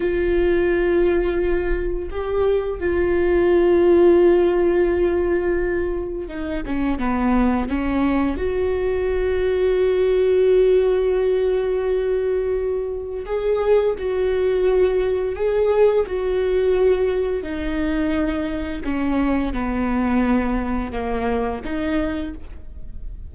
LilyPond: \new Staff \with { instrumentName = "viola" } { \time 4/4 \tempo 4 = 86 f'2. g'4 | f'1~ | f'4 dis'8 cis'8 b4 cis'4 | fis'1~ |
fis'2. gis'4 | fis'2 gis'4 fis'4~ | fis'4 dis'2 cis'4 | b2 ais4 dis'4 | }